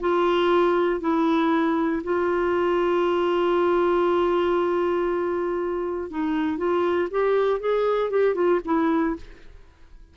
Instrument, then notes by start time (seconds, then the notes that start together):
clarinet
0.00 F4
1.01 E4
2.04 F4
6.10 D#4
6.58 F4
7.11 G4
7.60 G#4
8.10 G4
8.35 F4
8.65 E4